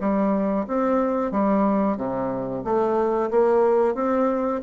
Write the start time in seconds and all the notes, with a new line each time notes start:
0.00 G3
0.67 C4
1.31 G3
1.97 C3
2.64 A3
3.30 A#3
3.94 C4